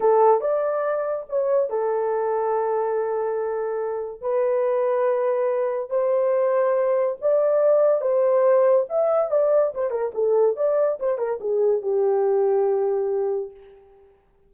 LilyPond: \new Staff \with { instrumentName = "horn" } { \time 4/4 \tempo 4 = 142 a'4 d''2 cis''4 | a'1~ | a'2 b'2~ | b'2 c''2~ |
c''4 d''2 c''4~ | c''4 e''4 d''4 c''8 ais'8 | a'4 d''4 c''8 ais'8 gis'4 | g'1 | }